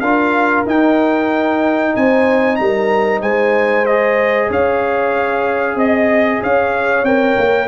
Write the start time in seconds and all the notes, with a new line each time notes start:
0.00 D4 F4 A#4 F5
0.66 D#4 G5
1.95 C4 C5 G#5
2.56 G3 A#4 A#5
3.21 G#3 C5 G#5
3.86 G#4 D#5
4.49 C#4 C#5 F5
5.75 C4 D#5
6.42 C#4 C#5 F5
7.03 C4 A#4 G5
7.38 A#3